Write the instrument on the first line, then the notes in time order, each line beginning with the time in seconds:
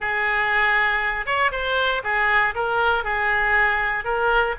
oboe
0.00 G#4
1.26 C#5
1.51 C5
2.03 G#4
2.54 A#4
3.04 G#4
4.04 A#4